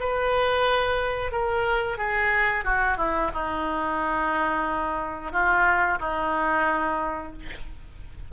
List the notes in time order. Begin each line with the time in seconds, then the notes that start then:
0.00 B4
1.32 A#4
1.98 G#4
2.64 F#4
2.97 E4
3.34 D#4
5.32 F4
5.99 D#4